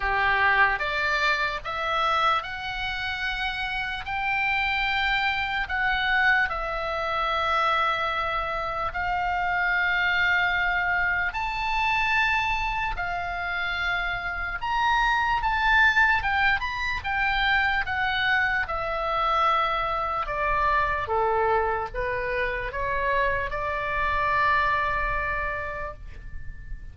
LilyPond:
\new Staff \with { instrumentName = "oboe" } { \time 4/4 \tempo 4 = 74 g'4 d''4 e''4 fis''4~ | fis''4 g''2 fis''4 | e''2. f''4~ | f''2 a''2 |
f''2 ais''4 a''4 | g''8 b''8 g''4 fis''4 e''4~ | e''4 d''4 a'4 b'4 | cis''4 d''2. | }